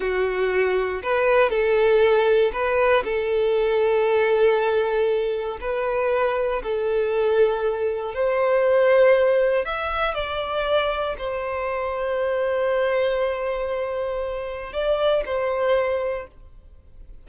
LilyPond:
\new Staff \with { instrumentName = "violin" } { \time 4/4 \tempo 4 = 118 fis'2 b'4 a'4~ | a'4 b'4 a'2~ | a'2. b'4~ | b'4 a'2. |
c''2. e''4 | d''2 c''2~ | c''1~ | c''4 d''4 c''2 | }